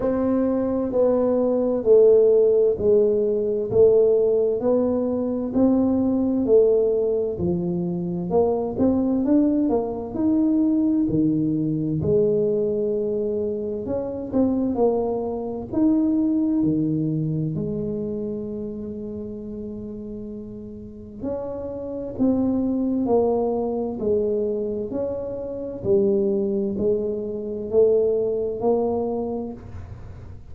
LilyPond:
\new Staff \with { instrumentName = "tuba" } { \time 4/4 \tempo 4 = 65 c'4 b4 a4 gis4 | a4 b4 c'4 a4 | f4 ais8 c'8 d'8 ais8 dis'4 | dis4 gis2 cis'8 c'8 |
ais4 dis'4 dis4 gis4~ | gis2. cis'4 | c'4 ais4 gis4 cis'4 | g4 gis4 a4 ais4 | }